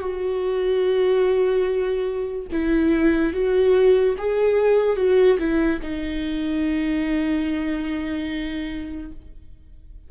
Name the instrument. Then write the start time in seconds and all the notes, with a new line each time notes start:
viola
0.00 F#4
2.52 E4
3.33 F#4
4.18 G#4
4.96 F#4
5.38 E4
5.82 D#4